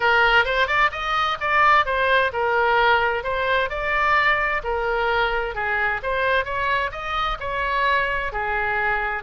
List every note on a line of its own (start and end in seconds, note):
0.00 0.44 A#4
0.44 0.67 C5
0.67 0.90 D5
0.91 1.37 D#5
1.40 1.85 D5
1.85 2.31 C5
2.32 3.23 A#4
3.23 3.69 C5
3.69 4.62 D5
4.63 5.54 A#4
5.54 6.00 G#4
6.02 6.44 C5
6.44 6.91 C#5
6.91 7.37 D#5
7.40 8.32 C#5
8.32 9.23 G#4